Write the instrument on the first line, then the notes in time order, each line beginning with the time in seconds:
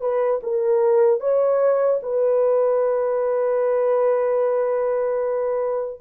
horn
0.00 B4
0.43 A#4
1.20 C#5
2.02 B4